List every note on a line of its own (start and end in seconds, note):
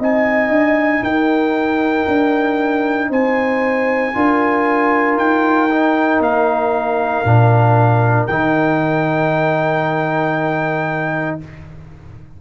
0.00 0.50 C4
0.00 4.14 D#4
0.00 1.03 D#5
0.00 1.04 G#5
0.50 1.02 D4
1.02 2.06 D#4
1.02 3.10 A#4
1.02 3.11 G5
2.08 3.11 D4
3.10 4.14 C4
3.10 4.13 C5
3.10 5.19 G#5
4.14 5.17 D4
4.14 5.70 F4
4.14 11.41 A#4
5.17 6.20 D#4
5.17 6.22 G5
5.71 7.25 D#4
6.20 7.24 A#3
6.20 8.27 F5
7.25 8.28 A#2
7.25 8.29 D4
8.27 11.40 D#3
8.27 11.41 D#4
8.27 11.37 G5